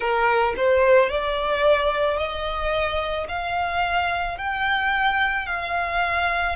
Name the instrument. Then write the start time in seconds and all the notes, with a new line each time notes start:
violin
0.00 A#4
0.57 C5
1.09 D5
2.17 D#5
3.28 F5
4.37 G5
5.46 F5